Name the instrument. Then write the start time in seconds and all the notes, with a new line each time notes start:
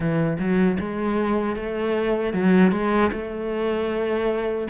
cello
0.00 E3
0.38 F#3
0.79 G#3
1.55 A3
2.33 F#3
2.71 G#3
3.12 A3